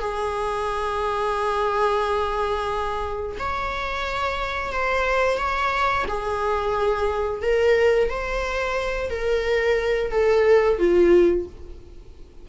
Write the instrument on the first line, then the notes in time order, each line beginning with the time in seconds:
viola
0.00 G#4
3.40 C#5
4.73 C5
5.38 C#5
6.09 G#4
7.42 A#4
8.10 C5
9.10 A#4
10.12 A4
10.79 F4